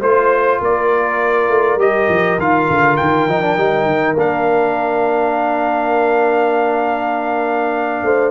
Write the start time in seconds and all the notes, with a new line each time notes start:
0.00 A3 F4 C5
0.60 A#3 A#4 D5
1.49 A3
1.76 G3 G4 D#5
2.08 F3
2.38 D#3 F4 F5
2.70 D3
2.97 D#3 G5
3.28 F3 D#4
3.42 D4
3.56 G3 D#4
3.86 D#3
4.16 A#3 D4 F5
8.03 A3 C5